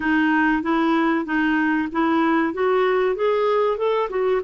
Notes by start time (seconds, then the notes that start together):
0.00 D#4
0.62 E4
1.25 D#4
1.91 E4
2.53 F#4
3.15 G#4
3.77 A4
4.09 F#4